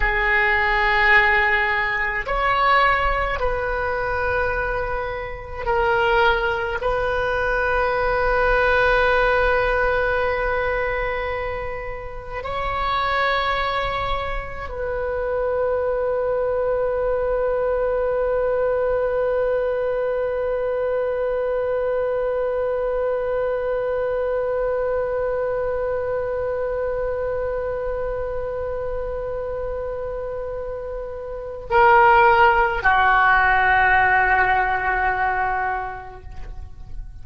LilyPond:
\new Staff \with { instrumentName = "oboe" } { \time 4/4 \tempo 4 = 53 gis'2 cis''4 b'4~ | b'4 ais'4 b'2~ | b'2. cis''4~ | cis''4 b'2.~ |
b'1~ | b'1~ | b'1 | ais'4 fis'2. | }